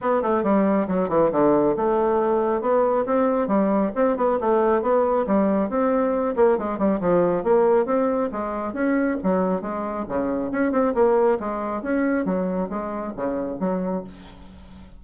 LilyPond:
\new Staff \with { instrumentName = "bassoon" } { \time 4/4 \tempo 4 = 137 b8 a8 g4 fis8 e8 d4 | a2 b4 c'4 | g4 c'8 b8 a4 b4 | g4 c'4. ais8 gis8 g8 |
f4 ais4 c'4 gis4 | cis'4 fis4 gis4 cis4 | cis'8 c'8 ais4 gis4 cis'4 | fis4 gis4 cis4 fis4 | }